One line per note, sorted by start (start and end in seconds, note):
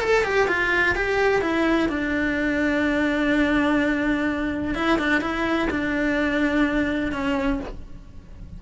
0.00 0.24 A4
0.24 0.48 G4
0.48 0.95 F4
0.95 1.41 G4
1.41 1.89 E4
1.89 4.75 D4
4.75 4.98 E4
4.98 5.21 D4
5.21 5.68 E4
5.70 7.12 D4
7.12 7.60 C#4